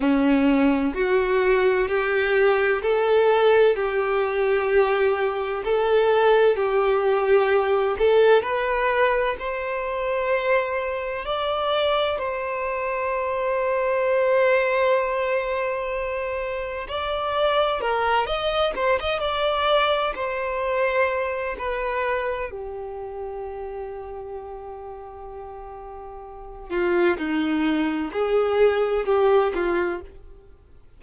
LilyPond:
\new Staff \with { instrumentName = "violin" } { \time 4/4 \tempo 4 = 64 cis'4 fis'4 g'4 a'4 | g'2 a'4 g'4~ | g'8 a'8 b'4 c''2 | d''4 c''2.~ |
c''2 d''4 ais'8 dis''8 | c''16 dis''16 d''4 c''4. b'4 | g'1~ | g'8 f'8 dis'4 gis'4 g'8 f'8 | }